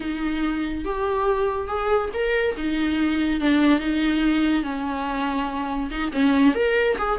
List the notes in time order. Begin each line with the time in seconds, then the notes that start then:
0.00 D#4
0.85 G4
1.67 G#4
2.13 A#4
2.56 D#4
3.40 D4
3.79 D#4
4.63 C#4
5.90 D#4
6.12 C#4
6.54 A#4
6.98 G#4